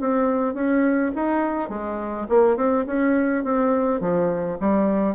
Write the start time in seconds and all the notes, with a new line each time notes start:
0.00 C4
0.54 C#4
1.15 D#4
1.69 G#3
2.29 A#3
2.57 C4
2.86 C#4
3.44 C4
4.00 F3
4.60 G3